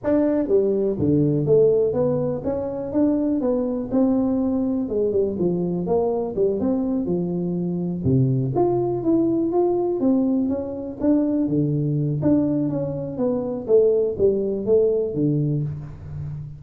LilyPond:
\new Staff \with { instrumentName = "tuba" } { \time 4/4 \tempo 4 = 123 d'4 g4 d4 a4 | b4 cis'4 d'4 b4 | c'2 gis8 g8 f4 | ais4 g8 c'4 f4.~ |
f8 c4 f'4 e'4 f'8~ | f'8 c'4 cis'4 d'4 d8~ | d4 d'4 cis'4 b4 | a4 g4 a4 d4 | }